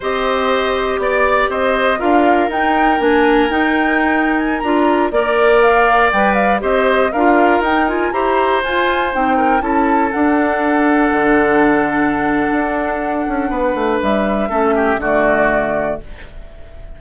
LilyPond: <<
  \new Staff \with { instrumentName = "flute" } { \time 4/4 \tempo 4 = 120 dis''2 d''4 dis''4 | f''4 g''4 gis''4 g''4~ | g''8. gis''8 ais''4 d''4 f''8.~ | f''16 g''8 f''8 dis''4 f''4 g''8 gis''16~ |
gis''16 ais''4 gis''4 g''4 a''8.~ | a''16 fis''2.~ fis''8.~ | fis''1 | e''2 d''2 | }
  \new Staff \with { instrumentName = "oboe" } { \time 4/4 c''2 d''4 c''4 | ais'1~ | ais'2~ ais'16 d''4.~ d''16~ | d''4~ d''16 c''4 ais'4.~ ais'16~ |
ais'16 c''2~ c''8 ais'8 a'8.~ | a'1~ | a'2. b'4~ | b'4 a'8 g'8 fis'2 | }
  \new Staff \with { instrumentName = "clarinet" } { \time 4/4 g'1 | f'4 dis'4 d'4 dis'4~ | dis'4~ dis'16 f'4 ais'4.~ ais'16~ | ais'16 b'4 g'4 f'4 dis'8 f'16~ |
f'16 g'4 f'4 dis'4 e'8.~ | e'16 d'2.~ d'8.~ | d'1~ | d'4 cis'4 a2 | }
  \new Staff \with { instrumentName = "bassoon" } { \time 4/4 c'2 b4 c'4 | d'4 dis'4 ais4 dis'4~ | dis'4~ dis'16 d'4 ais4.~ ais16~ | ais16 g4 c'4 d'4 dis'8.~ |
dis'16 e'4 f'4 c'4 cis'8.~ | cis'16 d'2 d4.~ d16~ | d4 d'4. cis'8 b8 a8 | g4 a4 d2 | }
>>